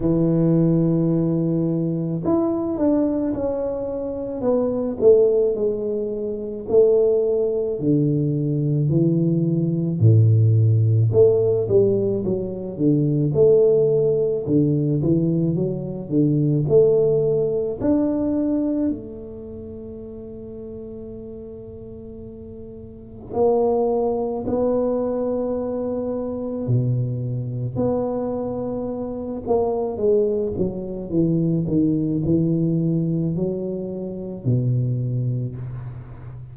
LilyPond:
\new Staff \with { instrumentName = "tuba" } { \time 4/4 \tempo 4 = 54 e2 e'8 d'8 cis'4 | b8 a8 gis4 a4 d4 | e4 a,4 a8 g8 fis8 d8 | a4 d8 e8 fis8 d8 a4 |
d'4 a2.~ | a4 ais4 b2 | b,4 b4. ais8 gis8 fis8 | e8 dis8 e4 fis4 b,4 | }